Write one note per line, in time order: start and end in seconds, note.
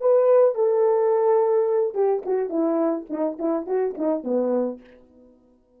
0.00 0.54 B4
0.54 1.94 A4
1.94 2.23 G4
2.25 2.49 F#4
2.49 3.06 E4
3.10 3.38 D#4
3.38 3.66 E4
3.66 3.94 F#4
3.97 4.23 D#4
4.23 4.80 B3